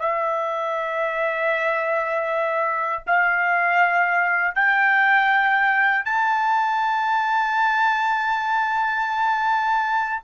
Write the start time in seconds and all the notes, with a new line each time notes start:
0.00 E5
3.07 F5
4.55 G5
6.05 A5